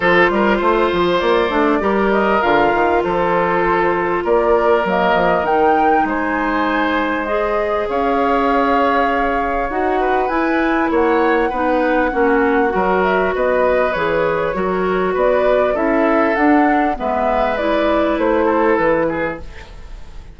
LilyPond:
<<
  \new Staff \with { instrumentName = "flute" } { \time 4/4 \tempo 4 = 99 c''2 d''4. dis''8 | f''4 c''2 d''4 | dis''4 g''4 gis''2 | dis''4 f''2. |
fis''4 gis''4 fis''2~ | fis''4. e''8 dis''4 cis''4~ | cis''4 d''4 e''4 fis''4 | e''4 d''4 c''4 b'4 | }
  \new Staff \with { instrumentName = "oboe" } { \time 4/4 a'8 ais'8 c''2 ais'4~ | ais'4 a'2 ais'4~ | ais'2 c''2~ | c''4 cis''2.~ |
cis''8 b'4. cis''4 b'4 | fis'4 ais'4 b'2 | ais'4 b'4 a'2 | b'2~ b'8 a'4 gis'8 | }
  \new Staff \with { instrumentName = "clarinet" } { \time 4/4 f'2~ f'8 d'8 g'4 | f'1 | ais4 dis'2. | gis'1 |
fis'4 e'2 dis'4 | cis'4 fis'2 gis'4 | fis'2 e'4 d'4 | b4 e'2. | }
  \new Staff \with { instrumentName = "bassoon" } { \time 4/4 f8 g8 a8 f8 ais8 a8 g4 | d8 dis8 f2 ais4 | fis8 f8 dis4 gis2~ | gis4 cis'2. |
dis'4 e'4 ais4 b4 | ais4 fis4 b4 e4 | fis4 b4 cis'4 d'4 | gis2 a4 e4 | }
>>